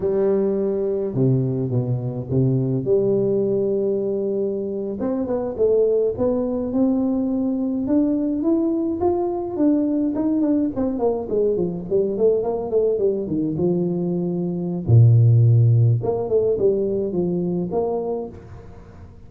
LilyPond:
\new Staff \with { instrumentName = "tuba" } { \time 4/4 \tempo 4 = 105 g2 c4 b,4 | c4 g2.~ | g8. c'8 b8 a4 b4 c'16~ | c'4.~ c'16 d'4 e'4 f'16~ |
f'8. d'4 dis'8 d'8 c'8 ais8 gis16~ | gis16 f8 g8 a8 ais8 a8 g8 dis8 f16~ | f2 ais,2 | ais8 a8 g4 f4 ais4 | }